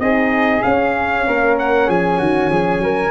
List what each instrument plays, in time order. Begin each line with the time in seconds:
0.00 tuba C4, horn D#4, flute G#4, trumpet D#5
0.63 horn C#4, tuba C#4, trumpet F5
1.27 tuba A#3, flute A#4
1.59 trumpet F#5
1.87 tuba F3, flute G#4, trumpet G#5
2.18 tuba D#3, flute F#4
2.50 tuba F3, flute G#4
2.79 tuba F#3, flute A#4